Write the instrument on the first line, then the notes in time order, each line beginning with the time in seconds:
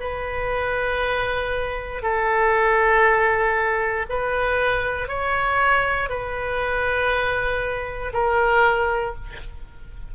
oboe
0.00 B4
2.03 A4
4.09 B4
5.08 C#5
6.09 B4
8.13 A#4